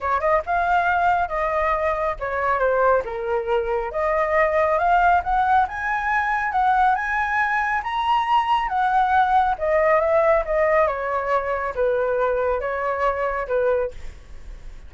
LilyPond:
\new Staff \with { instrumentName = "flute" } { \time 4/4 \tempo 4 = 138 cis''8 dis''8 f''2 dis''4~ | dis''4 cis''4 c''4 ais'4~ | ais'4 dis''2 f''4 | fis''4 gis''2 fis''4 |
gis''2 ais''2 | fis''2 dis''4 e''4 | dis''4 cis''2 b'4~ | b'4 cis''2 b'4 | }